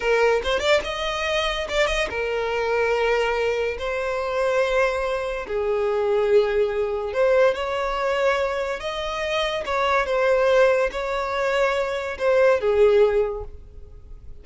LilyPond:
\new Staff \with { instrumentName = "violin" } { \time 4/4 \tempo 4 = 143 ais'4 c''8 d''8 dis''2 | d''8 dis''8 ais'2.~ | ais'4 c''2.~ | c''4 gis'2.~ |
gis'4 c''4 cis''2~ | cis''4 dis''2 cis''4 | c''2 cis''2~ | cis''4 c''4 gis'2 | }